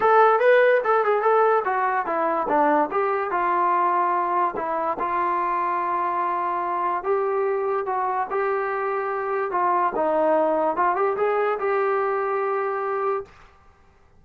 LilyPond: \new Staff \with { instrumentName = "trombone" } { \time 4/4 \tempo 4 = 145 a'4 b'4 a'8 gis'8 a'4 | fis'4 e'4 d'4 g'4 | f'2. e'4 | f'1~ |
f'4 g'2 fis'4 | g'2. f'4 | dis'2 f'8 g'8 gis'4 | g'1 | }